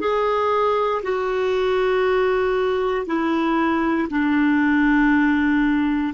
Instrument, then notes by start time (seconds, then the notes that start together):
clarinet
0.00 G#4
1.03 F#4
3.06 E4
4.10 D4